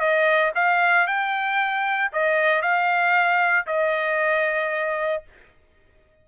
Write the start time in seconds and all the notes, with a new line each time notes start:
0.00 D#5
0.55 F5
1.07 G5
2.13 D#5
2.62 F5
3.67 D#5